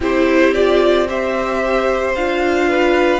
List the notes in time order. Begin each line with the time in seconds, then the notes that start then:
0.00 C4 E4 G4 C5
0.53 F4 D5
1.08 G4 C5 E5
2.14 D4 F4 F5
2.69 B4